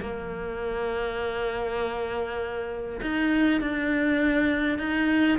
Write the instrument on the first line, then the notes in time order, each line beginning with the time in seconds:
cello
0.00 A#3
3.01 D#4
3.60 D4
4.78 D#4